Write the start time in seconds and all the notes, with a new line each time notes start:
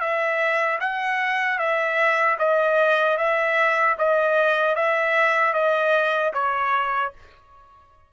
0.00 E5
0.80 F#5
1.59 E5
2.38 D#5
3.17 E5
3.98 D#5
4.75 E5
5.53 D#5
6.33 C#5